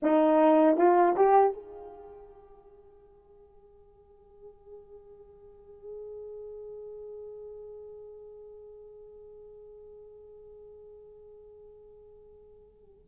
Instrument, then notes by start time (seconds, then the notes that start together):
horn
0.02 D#4
0.77 F4
1.15 G4
1.53 G#4